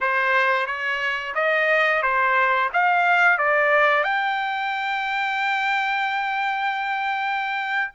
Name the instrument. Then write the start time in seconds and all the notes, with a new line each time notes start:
trumpet
0.01 C5
0.66 C#5
1.35 D#5
2.02 C5
2.73 F5
3.38 D5
4.03 G5